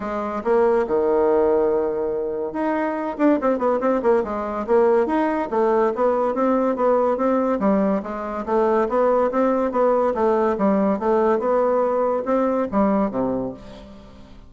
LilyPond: \new Staff \with { instrumentName = "bassoon" } { \time 4/4 \tempo 4 = 142 gis4 ais4 dis2~ | dis2 dis'4. d'8 | c'8 b8 c'8 ais8 gis4 ais4 | dis'4 a4 b4 c'4 |
b4 c'4 g4 gis4 | a4 b4 c'4 b4 | a4 g4 a4 b4~ | b4 c'4 g4 c4 | }